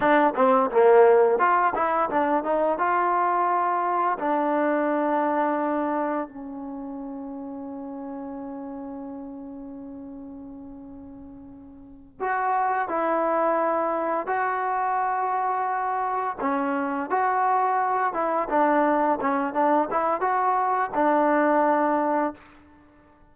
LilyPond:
\new Staff \with { instrumentName = "trombone" } { \time 4/4 \tempo 4 = 86 d'8 c'8 ais4 f'8 e'8 d'8 dis'8 | f'2 d'2~ | d'4 cis'2.~ | cis'1~ |
cis'4. fis'4 e'4.~ | e'8 fis'2. cis'8~ | cis'8 fis'4. e'8 d'4 cis'8 | d'8 e'8 fis'4 d'2 | }